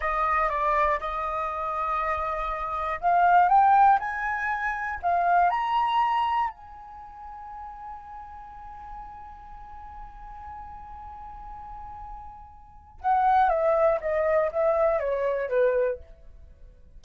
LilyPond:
\new Staff \with { instrumentName = "flute" } { \time 4/4 \tempo 4 = 120 dis''4 d''4 dis''2~ | dis''2 f''4 g''4 | gis''2 f''4 ais''4~ | ais''4 gis''2.~ |
gis''1~ | gis''1~ | gis''2 fis''4 e''4 | dis''4 e''4 cis''4 b'4 | }